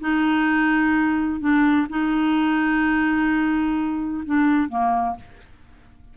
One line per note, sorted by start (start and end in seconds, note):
0.00 1.40 D#4
1.40 1.87 D4
1.89 4.23 D#4
4.25 4.69 D4
4.69 5.16 A#3